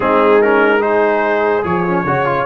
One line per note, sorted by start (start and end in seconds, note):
0.00 1.63 G#3
0.00 0.41 C4
0.00 0.80 D#4
0.00 0.41 G#4
0.41 0.80 C#4
0.41 0.81 A#4
0.80 1.62 D#4
0.80 2.04 G#4
0.80 1.63 C5
1.62 2.04 F3
1.62 1.83 G#4
1.62 2.46 C#5
1.86 2.06 C#4
2.04 2.45 C#3
2.04 2.25 F#4
2.04 2.46 C#5
2.25 2.45 F4